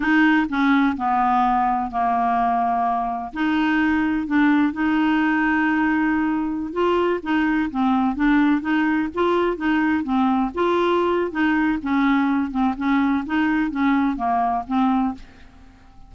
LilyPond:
\new Staff \with { instrumentName = "clarinet" } { \time 4/4 \tempo 4 = 127 dis'4 cis'4 b2 | ais2. dis'4~ | dis'4 d'4 dis'2~ | dis'2~ dis'16 f'4 dis'8.~ |
dis'16 c'4 d'4 dis'4 f'8.~ | f'16 dis'4 c'4 f'4.~ f'16 | dis'4 cis'4. c'8 cis'4 | dis'4 cis'4 ais4 c'4 | }